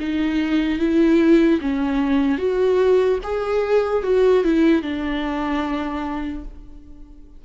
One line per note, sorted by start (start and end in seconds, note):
0.00 0.79 D#4
0.79 1.60 E4
1.61 2.38 C#4
2.38 3.19 F#4
3.24 4.04 G#4
4.04 4.44 F#4
4.44 4.82 E4
4.82 6.45 D4